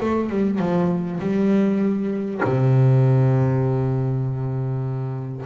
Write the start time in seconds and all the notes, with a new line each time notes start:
0.00 A3
0.29 G3
0.58 F3
1.20 G3
2.44 C3